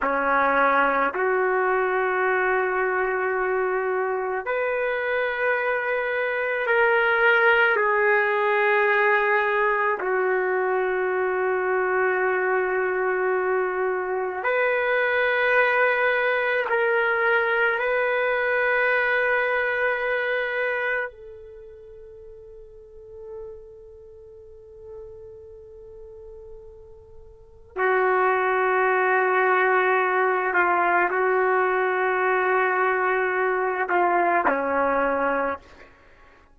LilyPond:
\new Staff \with { instrumentName = "trumpet" } { \time 4/4 \tempo 4 = 54 cis'4 fis'2. | b'2 ais'4 gis'4~ | gis'4 fis'2.~ | fis'4 b'2 ais'4 |
b'2. a'4~ | a'1~ | a'4 fis'2~ fis'8 f'8 | fis'2~ fis'8 f'8 cis'4 | }